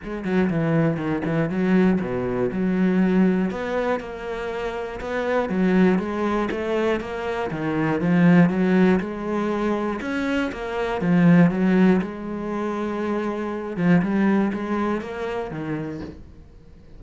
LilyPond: \new Staff \with { instrumentName = "cello" } { \time 4/4 \tempo 4 = 120 gis8 fis8 e4 dis8 e8 fis4 | b,4 fis2 b4 | ais2 b4 fis4 | gis4 a4 ais4 dis4 |
f4 fis4 gis2 | cis'4 ais4 f4 fis4 | gis2.~ gis8 f8 | g4 gis4 ais4 dis4 | }